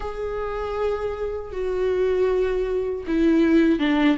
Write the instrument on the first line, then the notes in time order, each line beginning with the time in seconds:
viola
0.00 G#4
1.52 F#4
3.07 E4
3.79 D4